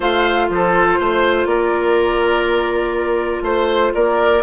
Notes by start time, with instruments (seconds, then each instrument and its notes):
0.00 bassoon A3, clarinet F4, oboe C5, flute F5
0.49 bassoon F3, oboe A4, flute C5
0.99 bassoon A3, oboe C5
1.45 bassoon A#3, oboe A#4, flute D5
3.42 bassoon A3, oboe C5, flute C5
3.94 bassoon A#3, oboe A#4, flute D5